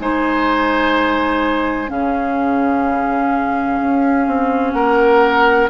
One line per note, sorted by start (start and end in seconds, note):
0.00 1.90 G#3
0.00 1.88 D#4
0.00 1.91 C5
0.00 1.90 G#5
1.88 3.80 C#3
1.88 5.69 C#4
1.88 4.75 G#4
1.88 4.73 F5
3.81 4.27 C#4
4.27 4.73 C4
4.73 5.69 A#3
4.73 5.70 A#4
4.73 5.68 F#5